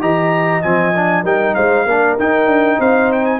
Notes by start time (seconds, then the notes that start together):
0.00 E3 G4 D#5 A#5
0.62 F3 C4 G#5
0.95 D4
1.24 G3 D#4 A#4 G5
1.55 G#3 C5 F5
1.85 A#3 D4 A#4
2.19 D#4 G5
2.46 D4
2.79 C4 C5 F5
3.12 G5
3.25 G#5